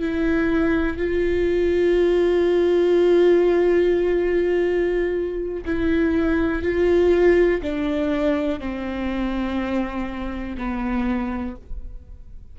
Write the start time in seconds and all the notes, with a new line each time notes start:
0.00 E4
0.97 F4
5.66 E4
6.63 F4
7.62 D4
8.60 C4
10.58 B3